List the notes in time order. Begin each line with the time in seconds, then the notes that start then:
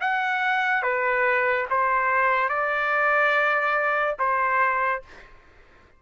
0.00 F#5
0.82 B4
1.70 C5
2.48 D5
4.19 C5